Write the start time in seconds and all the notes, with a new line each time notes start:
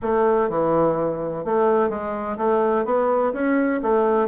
0.02 A3
0.49 E3
1.44 A3
1.89 G#3
2.37 A3
2.85 B3
3.33 C#4
3.82 A3